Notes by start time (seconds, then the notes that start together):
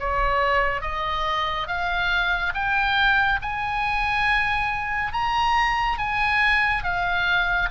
0.00 C#5
0.82 D#5
1.68 F5
2.54 G5
3.42 G#5
5.13 A#5
5.98 G#5
6.84 F5